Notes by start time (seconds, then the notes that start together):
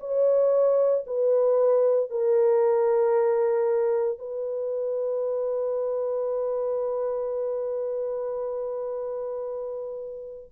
0.00 C#5
1.07 B4
2.11 A#4
4.19 B4